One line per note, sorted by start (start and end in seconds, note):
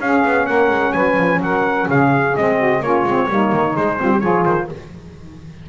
0.00 0.23 C#4
0.00 2.37 C#4
0.00 0.46 G#4
0.00 0.46 F5
0.25 0.48 B3
0.46 0.70 A#3
0.46 0.93 A#4
0.46 0.92 F#5
0.70 0.93 G#3
0.92 1.16 F#3
0.92 1.41 B4
0.92 1.39 G#5
1.16 1.40 F3
1.40 1.87 F#3
1.40 1.89 A#4
1.40 1.89 F#5
1.88 2.35 C#3
1.88 2.57 G#4
1.88 2.36 F5
2.36 2.80 G#3
2.36 2.83 C4
2.36 2.83 D#5
2.57 2.80 F#4
2.80 3.03 A#3
2.80 3.07 C#4
2.80 3.29 F4
2.80 3.76 C#5
3.03 3.27 G#3
3.03 3.30 C4
3.29 3.52 G3
3.29 3.74 A#3
3.29 4.00 D#4
3.52 3.76 D#3
3.74 3.97 G#3
3.74 4.00 G#3
3.74 4.20 C5
3.99 4.23 G3
3.99 4.21 C4
3.99 4.11 F4
4.11 4.20 G4
4.20 4.46 F3
4.20 4.68 F4
4.20 4.67 G#4
4.20 4.44 C#5
4.45 4.69 D#3
4.45 4.68 C5